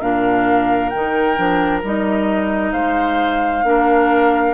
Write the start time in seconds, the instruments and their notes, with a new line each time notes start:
0.00 bassoon A#2, clarinet D4, oboe A#4, flute F5
0.89 bassoon D#3, clarinet D#4, flute G5
1.36 bassoon F3, clarinet D4
1.83 bassoon G3, clarinet D#4, flute D#5
2.72 bassoon G#3, oboe C5, flute F5
3.63 bassoon A#3, clarinet D4, oboe A#4